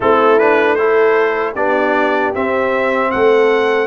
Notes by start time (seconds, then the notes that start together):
0.00 A3 C4 E4 A4
0.38 D4 B4
0.75 E4 A4 C5
1.54 B3 D4 G4 D5
2.34 C4 E5
3.11 A3 A4 F#5